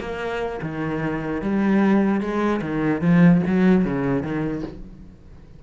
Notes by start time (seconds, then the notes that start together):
0.00 A#3
0.62 D#3
1.42 G3
2.21 G#3
2.62 D#3
3.01 F3
3.46 F#3
3.85 C#3
4.23 D#3